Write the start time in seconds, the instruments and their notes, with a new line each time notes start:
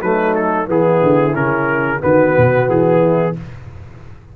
0.00 tuba F#3, trombone A3, horn D#4, trumpet B4
0.35 trumpet A4
0.66 tuba E3, trombone B3, horn E4, trumpet G#4
1.03 tuba D3
1.34 tuba C#3, trombone C#4, trumpet A#4
2.00 tuba D#3, trombone B3, horn F#4, trumpet B4
2.37 tuba B2
2.69 tuba E3, trumpet G#4
3.01 horn E4